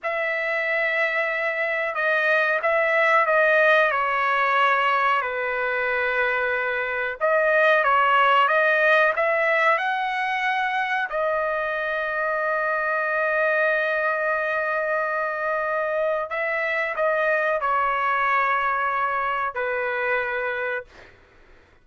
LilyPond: \new Staff \with { instrumentName = "trumpet" } { \time 4/4 \tempo 4 = 92 e''2. dis''4 | e''4 dis''4 cis''2 | b'2. dis''4 | cis''4 dis''4 e''4 fis''4~ |
fis''4 dis''2.~ | dis''1~ | dis''4 e''4 dis''4 cis''4~ | cis''2 b'2 | }